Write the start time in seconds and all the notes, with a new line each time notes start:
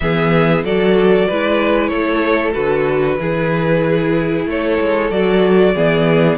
0.00 E3 B3 G#4 E5
0.63 F#3 F#4 A4 D5
1.27 G#3 E4 B4
1.87 A3 A4 C#5
2.53 D3 F#4 B4
3.18 E3 E4 G#4
4.45 A3 A4 C#5
4.80 G#3
5.11 F#3 F#4 D5
5.74 E3 B3 G#4